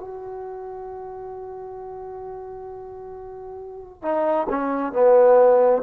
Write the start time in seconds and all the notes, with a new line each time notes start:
0.00 F#4
4.03 D#4
4.50 C#4
4.93 B3